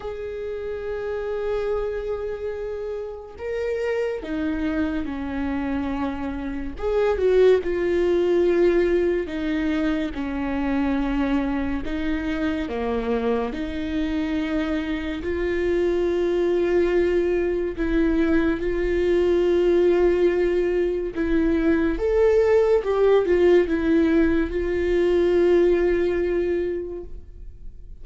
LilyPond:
\new Staff \with { instrumentName = "viola" } { \time 4/4 \tempo 4 = 71 gis'1 | ais'4 dis'4 cis'2 | gis'8 fis'8 f'2 dis'4 | cis'2 dis'4 ais4 |
dis'2 f'2~ | f'4 e'4 f'2~ | f'4 e'4 a'4 g'8 f'8 | e'4 f'2. | }